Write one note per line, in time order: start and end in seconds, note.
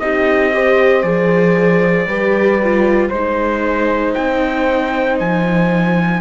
0.00 1.04 C4
0.00 0.53 D#4
0.00 0.54 G4
0.00 1.03 D#5
0.53 1.04 G4
0.53 2.09 C5
1.03 2.07 F3
1.03 2.07 G#4
1.03 3.09 D5
2.07 3.11 G3
2.07 2.61 G4
2.07 3.10 B4
2.64 3.13 F4
3.10 4.15 G#3
3.10 6.22 D#4
3.10 4.13 C5
3.10 6.21 C5
4.14 5.21 C4
4.14 5.18 G5
5.20 6.22 F3
5.20 6.22 G#5